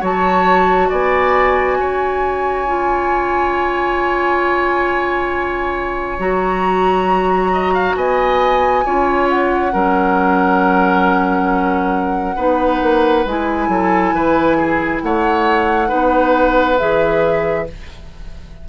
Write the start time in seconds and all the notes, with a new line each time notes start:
0.00 F#3 F#4 C#5 A5
0.89 B3 D5 G#5
1.77 C#4 C#5
2.66 F4
6.18 F#3 F#4 A#5
7.52 D#5
7.73 F5
7.95 B3 D#5 G#5
8.84 C#4 F4 C#5
9.29 F#5
9.71 F#3 C#4 A#4
12.35 B3 D#4 B4
12.82 A#3
13.25 G#3 E4 G#5
13.68 F#3 A4
14.12 E3 B4
14.57 G#4
15.02 A3 C#5 F#5
15.87 B3 D#4 B4
16.78 E3 G#4 E5